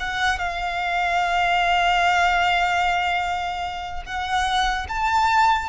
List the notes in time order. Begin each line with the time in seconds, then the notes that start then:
0.00 F#5
0.38 F5
4.06 F#5
4.89 A5